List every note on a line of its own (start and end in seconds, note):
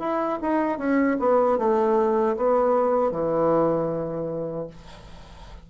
0.00 0.39 E4
0.42 0.79 D#4
0.79 1.18 C#4
1.20 1.59 B3
1.59 2.37 A3
2.37 3.12 B3
3.12 4.68 E3